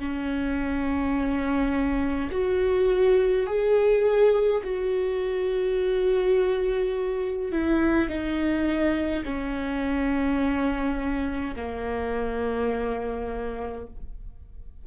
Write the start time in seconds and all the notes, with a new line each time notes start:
0.00 C#4
2.32 F#4
3.47 G#4
4.64 F#4
7.52 E4
8.09 D#4
9.25 C#4
11.56 A#3